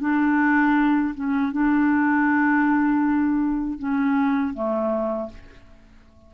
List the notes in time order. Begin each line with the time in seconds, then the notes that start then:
0.00 D4
1.15 C#4
1.52 D4
3.79 C#4
4.54 A3